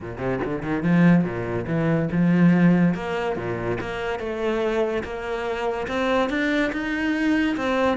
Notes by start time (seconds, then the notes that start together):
0.00 A#2
0.18 C3
0.44 D3
0.62 D#3
0.82 F3
1.24 A#2
1.66 E3
2.11 F3
2.94 A#3
3.36 A#2
3.80 A#3
4.19 A3
5.03 A#3
5.87 C4
6.29 D4
6.72 D#4
7.56 C4